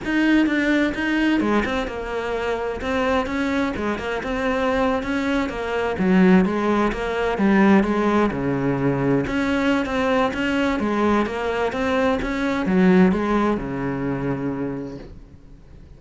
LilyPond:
\new Staff \with { instrumentName = "cello" } { \time 4/4 \tempo 4 = 128 dis'4 d'4 dis'4 gis8 c'8 | ais2 c'4 cis'4 | gis8 ais8 c'4.~ c'16 cis'4 ais16~ | ais8. fis4 gis4 ais4 g16~ |
g8. gis4 cis2 cis'16~ | cis'4 c'4 cis'4 gis4 | ais4 c'4 cis'4 fis4 | gis4 cis2. | }